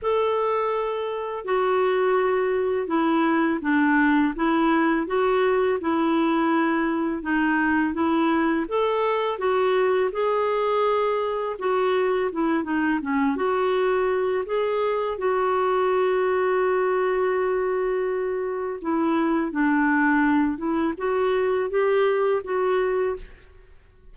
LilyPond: \new Staff \with { instrumentName = "clarinet" } { \time 4/4 \tempo 4 = 83 a'2 fis'2 | e'4 d'4 e'4 fis'4 | e'2 dis'4 e'4 | a'4 fis'4 gis'2 |
fis'4 e'8 dis'8 cis'8 fis'4. | gis'4 fis'2.~ | fis'2 e'4 d'4~ | d'8 e'8 fis'4 g'4 fis'4 | }